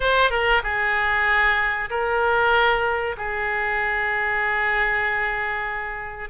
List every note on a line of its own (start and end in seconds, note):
0.00 0.30 C5
0.30 0.61 A#4
0.63 1.89 G#4
1.89 3.16 A#4
3.17 6.29 G#4